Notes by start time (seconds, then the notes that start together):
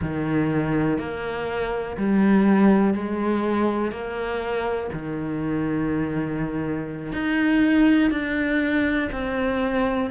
0.01 D#3
0.98 A#3
1.97 G3
2.93 G#3
3.91 A#3
4.92 D#3
7.12 D#4
8.10 D4
9.12 C4